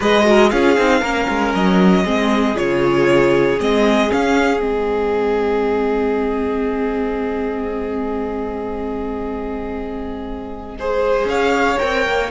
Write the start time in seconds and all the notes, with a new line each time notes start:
0.00 G#3 G#4 B4 D#5
0.25 F#4 A#4
0.49 C#4 F4 G#4 F5
0.77 C4 D#4
1.00 A#3 C#4 A#4
1.28 G#3
1.54 F#3 D#5
2.04 G#3 C4 G#4
2.54 C#3 F4 C#5
3.59 G#3 C4 D#5
4.10 C#4 F5
4.60 G#3 C4 D#5
10.79 G#4 C5
11.25 C#4 C#5 F5
11.78 C4 A#4 G5
12.07 A#3